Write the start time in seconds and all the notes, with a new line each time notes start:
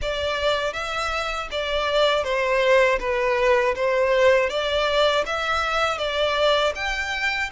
0.01 D5
0.73 E5
1.51 D5
2.24 C5
2.99 B4
3.75 C5
4.49 D5
5.26 E5
5.98 D5
6.75 G5